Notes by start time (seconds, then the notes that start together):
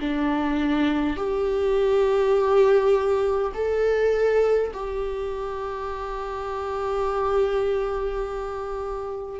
0.00 D4
1.17 G4
3.55 A4
4.73 G4